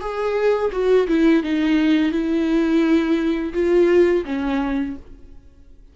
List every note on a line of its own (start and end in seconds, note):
0.00 0.71 G#4
0.72 1.07 F#4
1.07 1.43 E4
1.43 2.11 D#4
2.11 3.53 E4
3.53 4.24 F4
4.25 4.96 C#4